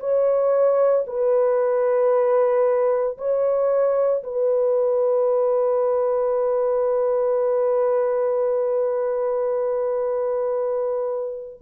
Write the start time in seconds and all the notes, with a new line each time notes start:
0.00 C#5
1.08 B4
3.18 C#5
4.24 B4